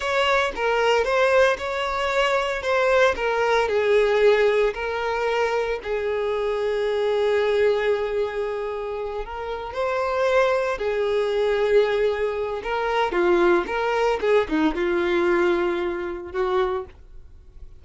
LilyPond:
\new Staff \with { instrumentName = "violin" } { \time 4/4 \tempo 4 = 114 cis''4 ais'4 c''4 cis''4~ | cis''4 c''4 ais'4 gis'4~ | gis'4 ais'2 gis'4~ | gis'1~ |
gis'4. ais'4 c''4.~ | c''8 gis'2.~ gis'8 | ais'4 f'4 ais'4 gis'8 dis'8 | f'2. fis'4 | }